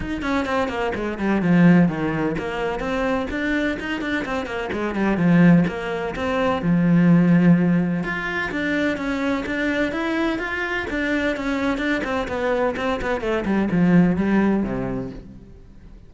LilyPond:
\new Staff \with { instrumentName = "cello" } { \time 4/4 \tempo 4 = 127 dis'8 cis'8 c'8 ais8 gis8 g8 f4 | dis4 ais4 c'4 d'4 | dis'8 d'8 c'8 ais8 gis8 g8 f4 | ais4 c'4 f2~ |
f4 f'4 d'4 cis'4 | d'4 e'4 f'4 d'4 | cis'4 d'8 c'8 b4 c'8 b8 | a8 g8 f4 g4 c4 | }